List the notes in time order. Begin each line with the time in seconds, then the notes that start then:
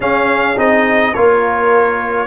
0.00 C#4 G#4 F5
0.56 C4 D#4 D#5
1.14 A#3 F4 A#4 C#5